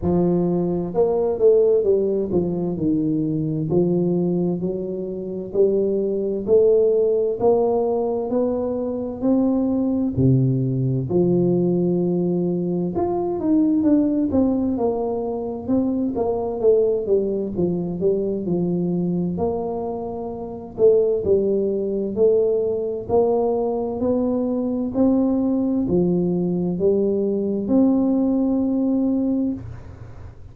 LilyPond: \new Staff \with { instrumentName = "tuba" } { \time 4/4 \tempo 4 = 65 f4 ais8 a8 g8 f8 dis4 | f4 fis4 g4 a4 | ais4 b4 c'4 c4 | f2 f'8 dis'8 d'8 c'8 |
ais4 c'8 ais8 a8 g8 f8 g8 | f4 ais4. a8 g4 | a4 ais4 b4 c'4 | f4 g4 c'2 | }